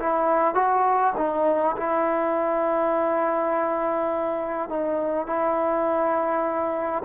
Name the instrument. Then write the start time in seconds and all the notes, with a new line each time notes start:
trombone
0.00 E4
0.55 F#4
1.18 D#4
1.77 E4
4.70 D#4
5.27 E4